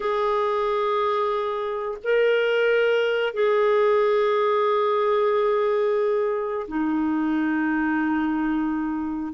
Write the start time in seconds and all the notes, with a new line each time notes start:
0.00 G#4
2.03 A#4
3.33 G#4
6.67 D#4